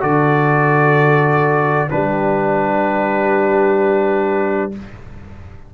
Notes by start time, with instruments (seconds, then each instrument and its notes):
0.00 tuba D3, trombone F#4, horn A4, trumpet D5
1.90 tuba G3, trombone D4, horn G4, trumpet B4